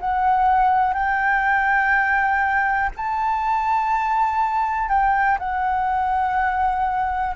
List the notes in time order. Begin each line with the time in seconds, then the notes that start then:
0.00 F#5
0.93 G5
2.96 A5
4.89 G5
5.39 F#5